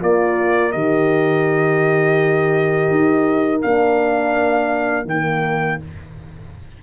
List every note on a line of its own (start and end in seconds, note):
0.00 0.74 A#3
0.00 0.72 F4
0.00 5.78 A#4
0.00 0.72 D5
0.72 2.90 D#3
0.72 3.62 G4
0.72 3.61 D#5
2.90 3.62 D#4
3.62 5.05 A#3
3.62 5.06 D4
3.62 5.06 F5
5.05 5.77 D#3
5.05 5.83 A#3
5.05 5.81 G5